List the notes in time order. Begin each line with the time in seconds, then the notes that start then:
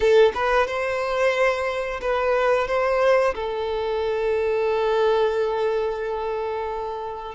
0.00 A4
0.34 B4
0.67 C5
2.01 B4
2.67 C5
3.34 A4